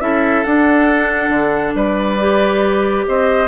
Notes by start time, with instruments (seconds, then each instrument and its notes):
0.00 bassoon C#4, clarinet E4, oboe A4, flute E5
0.43 bassoon D4, clarinet D4, flute F#5
1.29 bassoon D3
1.74 bassoon G3, oboe B4, flute D5
2.19 clarinet G4
3.07 bassoon C4, oboe C5, flute D#5